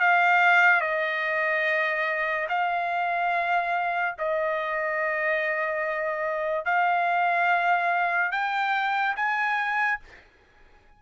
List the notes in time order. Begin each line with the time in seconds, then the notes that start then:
0.00 F5
0.80 D#5
2.48 F5
4.18 D#5
6.65 F5
8.31 G5
9.16 G#5